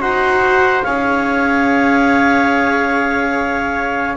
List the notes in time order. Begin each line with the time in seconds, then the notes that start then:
0.00 D#4 F#4 C5 F#5
0.82 C#4 G#4 C#5 F5